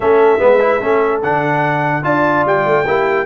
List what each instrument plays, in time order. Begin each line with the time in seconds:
0.00 tuba A3, trombone C#4, horn A4, trumpet E5
0.38 tuba G#3, trombone B3, horn B4
0.60 trombone E4
0.79 tuba A3, trombone C#4, horn A4
1.22 tuba D3, trombone D4, trumpet F#5
2.03 tuba D4, trombone F4, horn D5, trumpet A5
2.45 tuba G3, trumpet G5
2.65 tuba A3
2.86 tuba A#3, trombone E4, horn G4